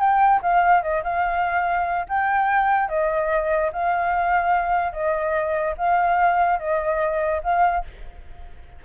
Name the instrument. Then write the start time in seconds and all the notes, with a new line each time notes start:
flute
0.00 G5
0.43 F5
0.83 D#5
1.04 F5
2.09 G5
2.89 D#5
3.73 F5
4.93 D#5
5.78 F5
6.60 D#5
7.44 F5